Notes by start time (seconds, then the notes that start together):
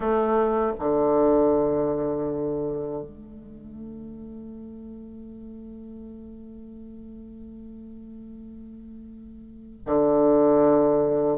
0.00 A3
0.79 D3
3.02 A3
9.85 D3